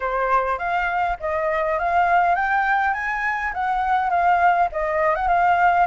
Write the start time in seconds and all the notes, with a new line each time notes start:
0.00 C5
0.58 F5
1.20 D#5
1.79 F5
2.35 G5
2.93 G#5
3.53 F#5
4.10 F5
4.72 D#5
5.15 F#5
5.28 F5